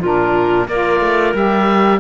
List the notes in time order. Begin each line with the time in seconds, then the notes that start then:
0.00 A#2 D4 F4 A#4
0.68 A#3 F4 A#4 D5
1.00 A3
1.34 G3 G4 E5